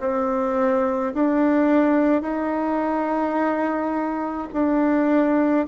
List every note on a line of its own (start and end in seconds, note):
0.00 1.13 C4
1.14 2.22 D4
2.22 4.48 D#4
4.53 5.66 D4